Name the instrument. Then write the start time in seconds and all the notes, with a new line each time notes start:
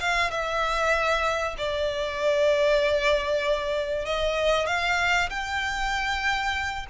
violin
0.00 F5
0.31 E5
1.58 D5
4.06 D#5
4.67 F5
5.30 G5